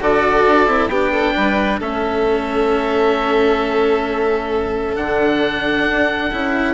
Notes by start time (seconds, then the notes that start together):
0.00 D3 F#4 A4 D5
0.47 D4
0.67 C4 E4
0.88 B3 D4 G4 G5
1.12 A4
1.36 G3 B4
1.80 A3 C#4 A4 E5
4.96 D3 D4 F#5
5.86 D4
6.31 C#4 E4